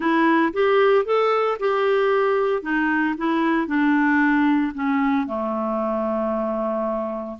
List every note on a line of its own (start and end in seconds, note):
0.00 0.53 E4
0.53 1.05 G4
1.05 1.57 A4
1.59 2.62 G4
2.62 3.15 D#4
3.17 3.67 E4
3.67 4.72 D4
4.74 5.26 C#4
5.26 7.37 A3